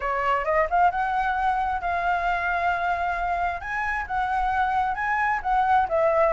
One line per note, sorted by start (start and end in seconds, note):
0.00 0.44 C#5
0.44 0.67 D#5
0.70 0.90 F5
0.90 1.81 F#5
1.81 3.60 F5
3.60 4.05 G#5
4.07 4.95 F#5
4.95 5.40 G#5
5.42 5.87 F#5
5.88 6.33 E5